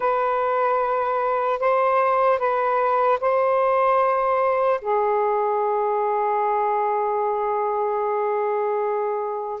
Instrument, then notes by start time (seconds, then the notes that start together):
saxophone
0.00 B4
1.59 C5
2.39 B4
3.20 C5
4.81 G#4